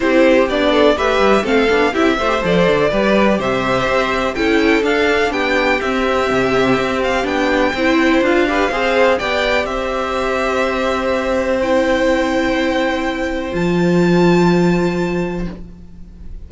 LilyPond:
<<
  \new Staff \with { instrumentName = "violin" } { \time 4/4 \tempo 4 = 124 c''4 d''4 e''4 f''4 | e''4 d''2 e''4~ | e''4 g''4 f''4 g''4 | e''2~ e''8 f''8 g''4~ |
g''4 f''2 g''4 | e''1 | g''1 | a''1 | }
  \new Staff \with { instrumentName = "violin" } { \time 4/4 g'4. a'8 b'4 a'4 | g'8 c''4. b'4 c''4~ | c''4 a'2 g'4~ | g'1 |
c''4. b'8 c''4 d''4 | c''1~ | c''1~ | c''1 | }
  \new Staff \with { instrumentName = "viola" } { \time 4/4 e'4 d'4 g'4 c'8 d'8 | e'8 f'16 g'16 a'4 g'2~ | g'4 e'4 d'2 | c'2. d'4 |
e'4 f'8 g'8 gis'4 g'4~ | g'1 | e'1 | f'1 | }
  \new Staff \with { instrumentName = "cello" } { \time 4/4 c'4 b4 a8 g8 a8 b8 | c'8 a8 f8 d8 g4 c4 | c'4 cis'4 d'4 b4 | c'4 c4 c'4 b4 |
c'4 d'4 c'4 b4 | c'1~ | c'1 | f1 | }
>>